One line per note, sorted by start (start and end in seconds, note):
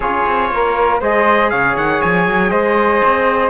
0.00 0.25 C#4
0.00 1.02 F4
0.00 0.49 G#4
0.00 1.00 C#5
0.25 0.51 C4
0.51 1.01 A#3
0.51 1.00 A#4
1.00 1.51 G#3
1.00 3.49 G#4
1.00 1.51 C5
1.00 1.49 D#5
1.49 1.76 C#3
1.49 2.50 C#5
1.49 1.75 F5
1.76 2.01 D#3
1.76 2.01 F#5
2.01 2.27 F3
2.01 2.51 G#5
2.27 2.51 F#3
2.50 3.01 G#3
2.50 3.49 C5
2.50 3.49 D#5
3.04 3.49 C4